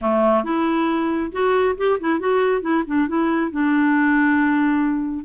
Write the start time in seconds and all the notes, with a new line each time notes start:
0.01 A3
0.43 E4
1.31 F#4
1.77 G4
1.99 E4
2.19 F#4
2.61 E4
2.86 D4
3.08 E4
3.51 D4